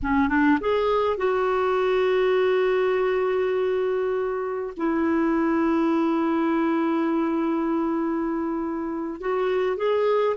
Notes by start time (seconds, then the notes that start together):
0.02 C#4
0.28 D4
0.60 G#4
1.17 F#4
4.76 E4
9.20 F#4
9.76 G#4